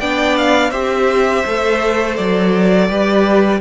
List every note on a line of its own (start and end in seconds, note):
0.00 0.71 B3
0.00 0.72 D4
0.00 0.70 D5
0.00 0.36 G5
0.36 0.70 F5
0.70 1.43 C4
0.70 1.44 G4
0.70 2.87 C5
0.70 2.15 E5
1.46 2.18 A3
1.46 2.90 A4
2.16 2.89 F#3
2.16 3.60 D5
2.88 3.60 G3
2.88 3.60 G4
2.88 3.60 B4